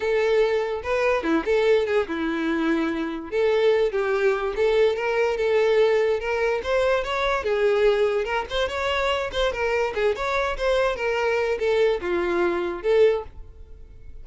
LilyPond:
\new Staff \with { instrumentName = "violin" } { \time 4/4 \tempo 4 = 145 a'2 b'4 e'8 a'8~ | a'8 gis'8 e'2. | a'4. g'4. a'4 | ais'4 a'2 ais'4 |
c''4 cis''4 gis'2 | ais'8 c''8 cis''4. c''8 ais'4 | gis'8 cis''4 c''4 ais'4. | a'4 f'2 a'4 | }